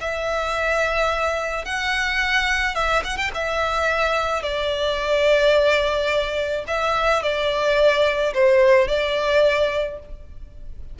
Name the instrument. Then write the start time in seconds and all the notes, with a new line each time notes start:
violin
0.00 E5
1.64 F#5
2.74 E5
3.04 F#5
3.16 G5
3.34 E5
4.42 D5
6.67 E5
7.22 D5
8.33 C5
8.88 D5